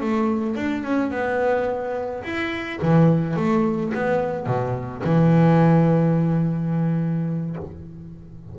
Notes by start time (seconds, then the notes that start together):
0.00 A3
0.55 D4
0.83 C#4
1.11 B3
2.23 E4
2.82 E3
3.36 A3
3.94 B3
4.46 B2
5.04 E3